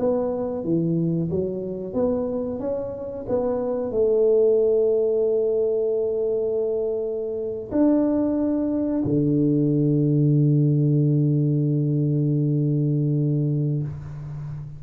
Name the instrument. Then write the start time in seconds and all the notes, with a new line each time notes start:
tuba
0.00 B3
0.64 E3
1.31 F#3
1.94 B3
2.60 C#4
3.29 B3
3.92 A3
7.72 D4
9.05 D3